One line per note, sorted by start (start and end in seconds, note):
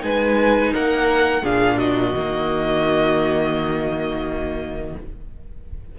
0.00 0.73 G#3
0.00 1.41 D#4
0.00 0.73 B4
0.00 0.73 G#5
0.73 1.42 A#3
0.73 1.43 A#4
0.73 1.45 F#5
1.42 2.13 A#2
1.42 2.14 D4
1.42 1.77 G#4
1.42 1.78 F5
1.77 4.95 F#4
1.77 4.96 D#5
2.14 4.96 D#3
2.14 4.99 A#3